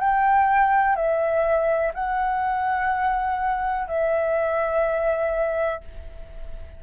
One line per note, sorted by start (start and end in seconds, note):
0.00 0.95 G5
0.95 1.92 E5
1.94 3.88 F#5
3.88 5.81 E5